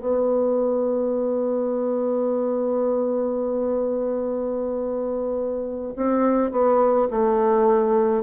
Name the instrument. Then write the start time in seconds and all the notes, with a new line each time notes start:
bassoon
0.00 B3
5.96 C4
6.51 B3
7.11 A3